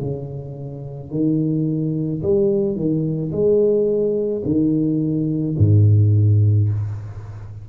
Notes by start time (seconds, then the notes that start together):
0.00 C#3
1.11 D#3
2.22 G3
2.75 D#3
3.31 G#3
4.45 D#3
5.58 G#2